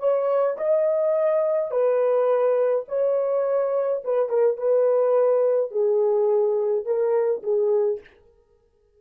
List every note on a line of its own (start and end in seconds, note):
0.00 0.57 C#5
0.58 1.71 D#5
1.71 2.86 B4
2.89 4.03 C#5
4.05 4.30 B4
4.30 4.58 A#4
4.58 5.71 B4
5.71 6.86 G#4
6.86 7.43 A#4
7.43 8.01 G#4